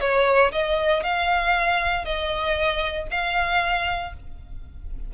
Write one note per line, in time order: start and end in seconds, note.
0.00 0.51 C#5
0.52 1.03 D#5
1.03 2.05 F5
2.05 3.07 D#5
3.11 4.13 F5